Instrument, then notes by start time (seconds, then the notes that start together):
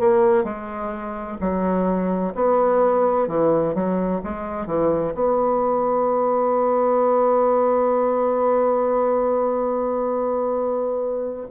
bassoon
0.00 A#3
0.44 G#3
1.41 F#3
2.35 B3
3.28 E3
3.75 F#3
4.24 G#3
4.67 E3
5.15 B3